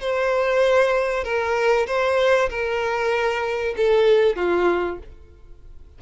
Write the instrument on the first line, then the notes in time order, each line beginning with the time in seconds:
violin
0.00 C5
1.24 A#4
1.86 C5
2.49 A#4
3.77 A4
4.36 F4